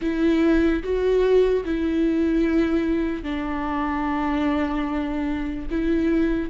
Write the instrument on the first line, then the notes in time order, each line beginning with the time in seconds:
viola
0.01 E4
0.83 F#4
1.64 E4
3.22 D4
5.71 E4